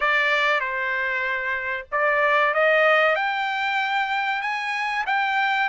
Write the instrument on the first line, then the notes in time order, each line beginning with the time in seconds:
trumpet
0.00 D5
0.60 C5
1.91 D5
2.53 D#5
3.15 G5
4.41 G#5
5.06 G5